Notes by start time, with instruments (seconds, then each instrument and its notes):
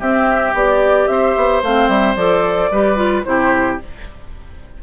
0.00 bassoon C4, clarinet C4, oboe G4, flute E5
0.54 bassoon B3, clarinet G4, flute D5
1.08 bassoon C4, oboe C5, flute E5
1.37 bassoon B3
1.63 bassoon A3, clarinet C4, flute F5
1.89 bassoon G3, flute E5
2.16 bassoon F3, clarinet A4, flute D5
2.71 bassoon G3, clarinet G4, oboe B4
2.96 clarinet F4
3.24 bassoon C3, clarinet E4, oboe G4, flute C5